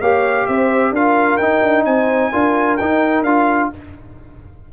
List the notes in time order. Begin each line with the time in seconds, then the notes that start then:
0.00 A#3 G4 C#5 F5
0.46 C4 C5 E5
0.91 D4 F4 A#4 F5
1.37 D#4 G5
1.62 D4
1.85 C4 C5 G#5
2.32 D4 F4 A#4
2.77 D#4 G5
3.22 D4 F4 F5